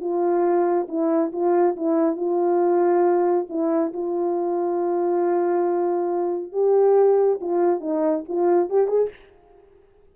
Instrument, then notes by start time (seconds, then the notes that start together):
horn
0.00 F4
0.88 E4
1.32 F4
1.76 E4
2.16 F4
3.49 E4
3.93 F4
6.52 G4
7.40 F4
7.80 D#4
8.28 F4
8.70 G4
8.87 G#4